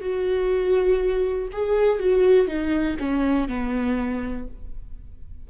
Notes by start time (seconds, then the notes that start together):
0.00 F#4
1.52 G#4
1.99 F#4
2.47 D#4
2.99 C#4
3.48 B3